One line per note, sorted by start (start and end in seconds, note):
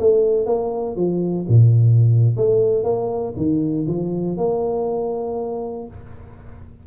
0.00 0.46 A3
0.46 0.96 A#3
0.97 1.47 F3
1.49 2.37 A#2
2.37 2.84 A3
2.84 3.34 A#3
3.37 3.87 D#3
3.88 4.38 F3
4.38 5.88 A#3